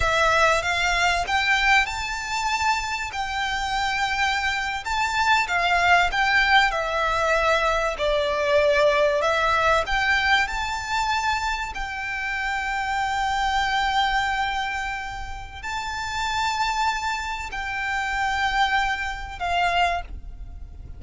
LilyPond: \new Staff \with { instrumentName = "violin" } { \time 4/4 \tempo 4 = 96 e''4 f''4 g''4 a''4~ | a''4 g''2~ g''8. a''16~ | a''8. f''4 g''4 e''4~ e''16~ | e''8. d''2 e''4 g''16~ |
g''8. a''2 g''4~ g''16~ | g''1~ | g''4 a''2. | g''2. f''4 | }